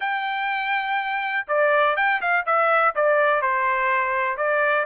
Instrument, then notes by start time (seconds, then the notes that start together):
trumpet
0.00 G5
1.47 D5
1.96 G5
2.21 F5
2.46 E5
2.95 D5
3.41 C5
4.37 D5